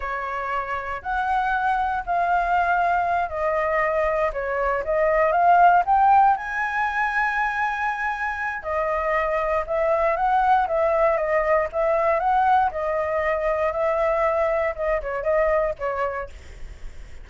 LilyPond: \new Staff \with { instrumentName = "flute" } { \time 4/4 \tempo 4 = 118 cis''2 fis''2 | f''2~ f''8 dis''4.~ | dis''8 cis''4 dis''4 f''4 g''8~ | g''8 gis''2.~ gis''8~ |
gis''4 dis''2 e''4 | fis''4 e''4 dis''4 e''4 | fis''4 dis''2 e''4~ | e''4 dis''8 cis''8 dis''4 cis''4 | }